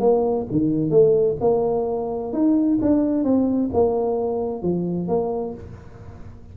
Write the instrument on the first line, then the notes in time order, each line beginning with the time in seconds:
tuba
0.00 A#3
0.51 D#3
0.90 A3
1.41 A#3
2.33 D#4
2.82 D4
3.24 C4
3.73 A#3
4.62 F3
5.08 A#3